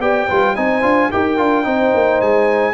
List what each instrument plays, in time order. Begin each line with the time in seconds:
0.00 tuba B3, trombone G4, horn D5, trumpet G5
0.28 tuba G3, trombone F4, horn B4
0.57 tuba C4, trombone D#4, horn C5, trumpet G#5
0.82 tuba D4, trombone F4
1.12 tuba D#4, trombone G4, horn A#4, trumpet G5
1.38 tuba D4, trombone F4
1.64 tuba C4, trombone D#4, horn C5
1.95 tuba A#3
2.22 tuba G#3, trumpet G#5